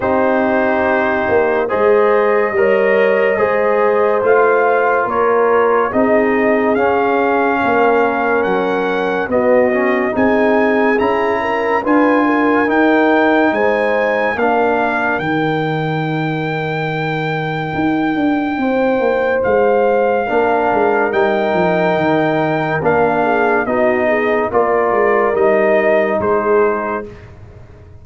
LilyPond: <<
  \new Staff \with { instrumentName = "trumpet" } { \time 4/4 \tempo 4 = 71 c''2 dis''2~ | dis''4 f''4 cis''4 dis''4 | f''2 fis''4 dis''4 | gis''4 ais''4 gis''4 g''4 |
gis''4 f''4 g''2~ | g''2. f''4~ | f''4 g''2 f''4 | dis''4 d''4 dis''4 c''4 | }
  \new Staff \with { instrumentName = "horn" } { \time 4/4 g'2 c''4 cis''4 | c''2 ais'4 gis'4~ | gis'4 ais'2 fis'4 | gis'4. ais'8 b'8 ais'4. |
c''4 ais'2.~ | ais'2 c''2 | ais'2.~ ais'8 gis'8 | fis'8 gis'8 ais'2 gis'4 | }
  \new Staff \with { instrumentName = "trombone" } { \time 4/4 dis'2 gis'4 ais'4 | gis'4 f'2 dis'4 | cis'2. b8 cis'8 | dis'4 e'4 f'4 dis'4~ |
dis'4 d'4 dis'2~ | dis'1 | d'4 dis'2 d'4 | dis'4 f'4 dis'2 | }
  \new Staff \with { instrumentName = "tuba" } { \time 4/4 c'4. ais8 gis4 g4 | gis4 a4 ais4 c'4 | cis'4 ais4 fis4 b4 | c'4 cis'4 d'4 dis'4 |
gis4 ais4 dis2~ | dis4 dis'8 d'8 c'8 ais8 gis4 | ais8 gis8 g8 f8 dis4 ais4 | b4 ais8 gis8 g4 gis4 | }
>>